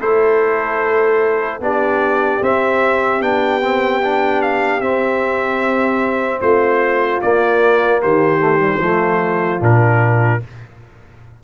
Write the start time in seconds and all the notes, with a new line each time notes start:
0.00 A3 E4 A4 C5
1.60 B3 D4 G4 D5
2.41 C4 E5
3.21 B3 D4 G5
3.62 C4
4.02 D4
4.42 F5
4.80 C4 E5
6.41 A3 F4 C5
7.21 A#3 D5
8.02 D#3 G4 C5
8.40 A3
8.59 G3
8.79 F3 A3 F4
9.60 A#2 D4 A#4